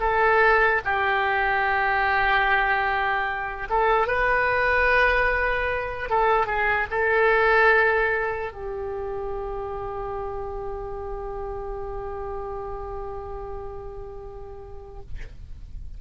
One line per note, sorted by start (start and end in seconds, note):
0.00 0.81 A4
0.84 3.68 G4
3.69 4.07 A4
4.07 6.09 B4
6.09 6.46 A4
6.46 6.87 G#4
6.90 8.52 A4
8.52 15.01 G4